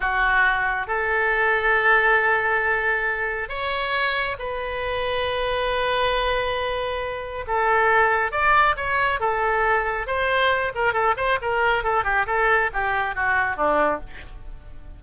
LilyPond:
\new Staff \with { instrumentName = "oboe" } { \time 4/4 \tempo 4 = 137 fis'2 a'2~ | a'1 | cis''2 b'2~ | b'1~ |
b'4 a'2 d''4 | cis''4 a'2 c''4~ | c''8 ais'8 a'8 c''8 ais'4 a'8 g'8 | a'4 g'4 fis'4 d'4 | }